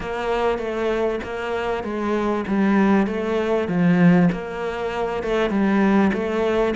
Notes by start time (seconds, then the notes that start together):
0.00 A#3
0.58 A3
1.23 A#3
1.83 G#3
2.47 G3
3.06 A3
3.68 F3
4.32 A#3
5.23 A3
5.50 G3
6.13 A3